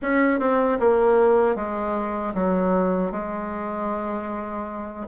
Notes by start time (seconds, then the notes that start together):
0.01 C#4
0.39 C4
0.79 A#3
1.55 G#3
2.34 F#3
3.11 G#3